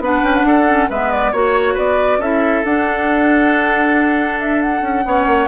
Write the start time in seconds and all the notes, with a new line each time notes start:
0.00 B3 D4 B4 F#5
0.23 C#4 G5
0.35 F#5
0.44 D4 A4
0.68 C#4
0.90 G#3 B3 B4 E5
1.12 D5
1.32 A#3 F#4 C#5
1.74 B3 B4 D5
2.18 C#4 E4 A4 E5
2.65 D4 F#5
4.40 E5
4.62 F#5
4.82 C#4
5.06 B3 C#4 C#5
5.26 A#3